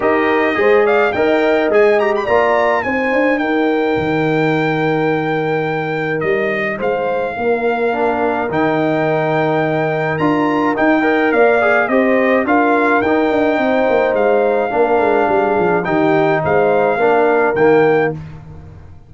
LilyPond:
<<
  \new Staff \with { instrumentName = "trumpet" } { \time 4/4 \tempo 4 = 106 dis''4. f''8 g''4 gis''8 ais''16 b''16 | ais''4 gis''4 g''2~ | g''2. dis''4 | f''2. g''4~ |
g''2 ais''4 g''4 | f''4 dis''4 f''4 g''4~ | g''4 f''2. | g''4 f''2 g''4 | }
  \new Staff \with { instrumentName = "horn" } { \time 4/4 ais'4 c''8 d''8 dis''2 | d''4 c''4 ais'2~ | ais'1 | c''4 ais'2.~ |
ais'2.~ ais'8 dis''8 | d''4 c''4 ais'2 | c''2 ais'4 gis'4 | g'4 c''4 ais'2 | }
  \new Staff \with { instrumentName = "trombone" } { \time 4/4 g'4 gis'4 ais'4 gis'8 g'8 | f'4 dis'2.~ | dis'1~ | dis'2 d'4 dis'4~ |
dis'2 f'4 dis'8 ais'8~ | ais'8 gis'8 g'4 f'4 dis'4~ | dis'2 d'2 | dis'2 d'4 ais4 | }
  \new Staff \with { instrumentName = "tuba" } { \time 4/4 dis'4 gis4 dis'4 gis4 | ais4 c'8 d'8 dis'4 dis4~ | dis2. g4 | gis4 ais2 dis4~ |
dis2 d'4 dis'4 | ais4 c'4 d'4 dis'8 d'8 | c'8 ais8 gis4 ais8 gis8 g8 f8 | dis4 gis4 ais4 dis4 | }
>>